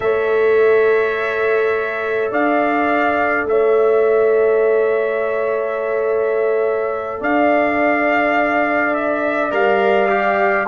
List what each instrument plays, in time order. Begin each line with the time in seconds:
0.00 tuba A3, trombone A4, horn C#5, trumpet E5
2.31 tuba D4, horn D5, trumpet F5
3.44 tuba A3, horn C#5, trumpet E5
7.20 tuba D4, horn D5, trumpet F5
8.94 trumpet E5
9.50 tuba G3, trombone A#4, trumpet F5
10.09 trombone G4